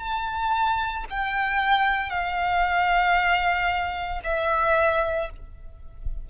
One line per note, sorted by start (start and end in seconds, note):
0.00 1.05 A5
1.11 2.11 G5
2.11 4.21 F5
4.24 5.30 E5